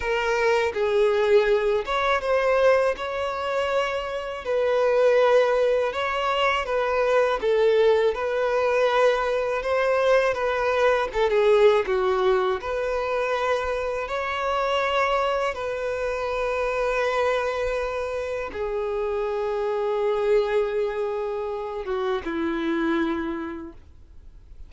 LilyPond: \new Staff \with { instrumentName = "violin" } { \time 4/4 \tempo 4 = 81 ais'4 gis'4. cis''8 c''4 | cis''2 b'2 | cis''4 b'4 a'4 b'4~ | b'4 c''4 b'4 a'16 gis'8. |
fis'4 b'2 cis''4~ | cis''4 b'2.~ | b'4 gis'2.~ | gis'4. fis'8 e'2 | }